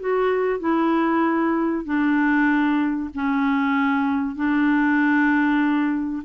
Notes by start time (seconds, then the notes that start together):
0.00 F#4
0.60 E4
1.85 D4
3.14 C#4
4.36 D4